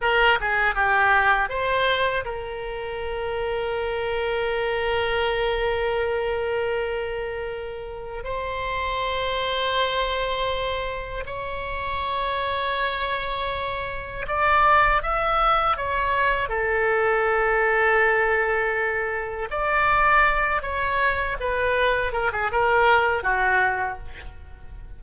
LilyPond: \new Staff \with { instrumentName = "oboe" } { \time 4/4 \tempo 4 = 80 ais'8 gis'8 g'4 c''4 ais'4~ | ais'1~ | ais'2. c''4~ | c''2. cis''4~ |
cis''2. d''4 | e''4 cis''4 a'2~ | a'2 d''4. cis''8~ | cis''8 b'4 ais'16 gis'16 ais'4 fis'4 | }